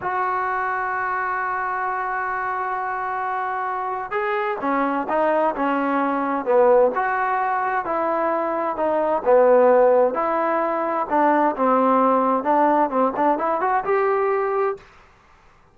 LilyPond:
\new Staff \with { instrumentName = "trombone" } { \time 4/4 \tempo 4 = 130 fis'1~ | fis'1~ | fis'4 gis'4 cis'4 dis'4 | cis'2 b4 fis'4~ |
fis'4 e'2 dis'4 | b2 e'2 | d'4 c'2 d'4 | c'8 d'8 e'8 fis'8 g'2 | }